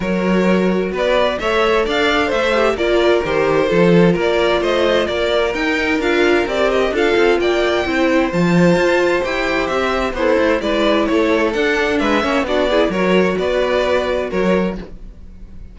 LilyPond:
<<
  \new Staff \with { instrumentName = "violin" } { \time 4/4 \tempo 4 = 130 cis''2 d''4 e''4 | f''4 e''4 d''4 c''4~ | c''4 d''4 dis''4 d''4 | g''4 f''4 d''8 dis''8 f''4 |
g''2 a''2 | g''4 e''4 c''4 d''4 | cis''4 fis''4 e''4 d''4 | cis''4 d''2 cis''4 | }
  \new Staff \with { instrumentName = "violin" } { \time 4/4 ais'2 b'4 cis''4 | d''4 c''4 ais'2 | a'4 ais'4 c''4 ais'4~ | ais'2. a'4 |
d''4 c''2.~ | c''2 e'4 b'4 | a'2 b'8 cis''8 fis'8 gis'8 | ais'4 b'2 ais'4 | }
  \new Staff \with { instrumentName = "viola" } { \time 4/4 fis'2. a'4~ | a'4. g'8 f'4 g'4 | f'1 | dis'4 f'4 g'4 f'4~ |
f'4 e'4 f'2 | g'2 a'4 e'4~ | e'4 d'4. cis'8 d'8 e'8 | fis'1 | }
  \new Staff \with { instrumentName = "cello" } { \time 4/4 fis2 b4 a4 | d'4 a4 ais4 dis4 | f4 ais4 a4 ais4 | dis'4 d'4 c'4 d'8 c'8 |
ais4 c'4 f4 f'4 | e'4 c'4 b8 a8 gis4 | a4 d'4 gis8 ais8 b4 | fis4 b2 fis4 | }
>>